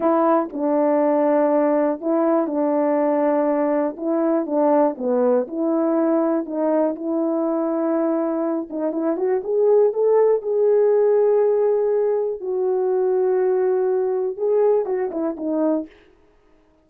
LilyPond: \new Staff \with { instrumentName = "horn" } { \time 4/4 \tempo 4 = 121 e'4 d'2. | e'4 d'2. | e'4 d'4 b4 e'4~ | e'4 dis'4 e'2~ |
e'4. dis'8 e'8 fis'8 gis'4 | a'4 gis'2.~ | gis'4 fis'2.~ | fis'4 gis'4 fis'8 e'8 dis'4 | }